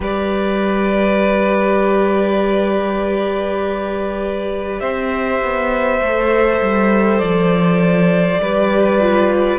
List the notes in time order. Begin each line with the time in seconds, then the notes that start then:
0.00 G3 G4 B4 D5
4.80 C4 C5 E5
5.43 B3
6.00 A3 A4
6.61 G3
7.18 F3 D5
8.38 G3 G4 B4
9.00 F4